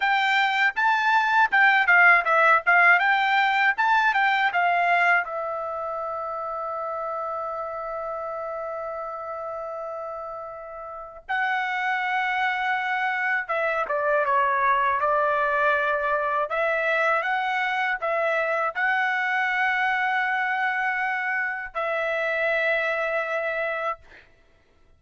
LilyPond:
\new Staff \with { instrumentName = "trumpet" } { \time 4/4 \tempo 4 = 80 g''4 a''4 g''8 f''8 e''8 f''8 | g''4 a''8 g''8 f''4 e''4~ | e''1~ | e''2. fis''4~ |
fis''2 e''8 d''8 cis''4 | d''2 e''4 fis''4 | e''4 fis''2.~ | fis''4 e''2. | }